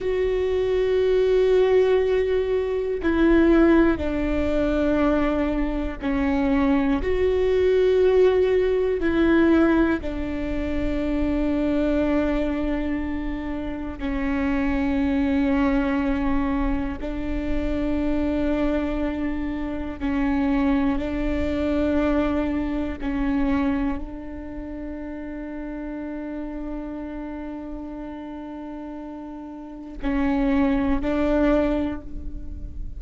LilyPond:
\new Staff \with { instrumentName = "viola" } { \time 4/4 \tempo 4 = 60 fis'2. e'4 | d'2 cis'4 fis'4~ | fis'4 e'4 d'2~ | d'2 cis'2~ |
cis'4 d'2. | cis'4 d'2 cis'4 | d'1~ | d'2 cis'4 d'4 | }